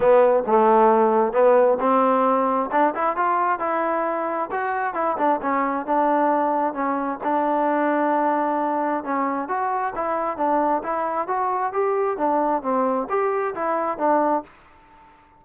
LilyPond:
\new Staff \with { instrumentName = "trombone" } { \time 4/4 \tempo 4 = 133 b4 a2 b4 | c'2 d'8 e'8 f'4 | e'2 fis'4 e'8 d'8 | cis'4 d'2 cis'4 |
d'1 | cis'4 fis'4 e'4 d'4 | e'4 fis'4 g'4 d'4 | c'4 g'4 e'4 d'4 | }